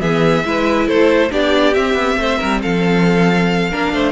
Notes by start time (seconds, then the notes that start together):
0.00 E3 B3 G#4 E5
0.45 G#3 E4 B4
0.87 A3 A4 C5
1.30 B3 D4 G4 D5
1.74 C4 E5
1.94 B3
2.17 A3 C5
2.39 G3 A#4
2.62 F3 A4 F5
3.71 A#3 D4 A#4
3.93 A3 C5